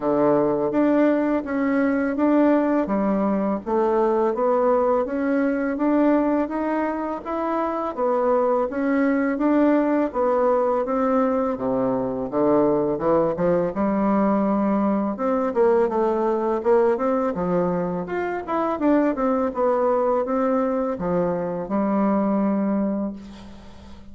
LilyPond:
\new Staff \with { instrumentName = "bassoon" } { \time 4/4 \tempo 4 = 83 d4 d'4 cis'4 d'4 | g4 a4 b4 cis'4 | d'4 dis'4 e'4 b4 | cis'4 d'4 b4 c'4 |
c4 d4 e8 f8 g4~ | g4 c'8 ais8 a4 ais8 c'8 | f4 f'8 e'8 d'8 c'8 b4 | c'4 f4 g2 | }